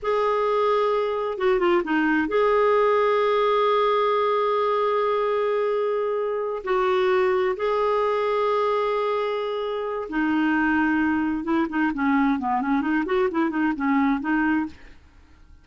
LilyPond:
\new Staff \with { instrumentName = "clarinet" } { \time 4/4 \tempo 4 = 131 gis'2. fis'8 f'8 | dis'4 gis'2.~ | gis'1~ | gis'2~ gis'8 fis'4.~ |
fis'8 gis'2.~ gis'8~ | gis'2 dis'2~ | dis'4 e'8 dis'8 cis'4 b8 cis'8 | dis'8 fis'8 e'8 dis'8 cis'4 dis'4 | }